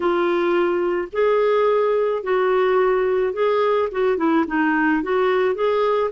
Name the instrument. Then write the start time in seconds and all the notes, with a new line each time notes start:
clarinet
0.00 F4
1.12 G#4
2.23 F#4
3.33 G#4
3.91 F#4
4.17 E4
4.47 D#4
5.02 F#4
5.55 G#4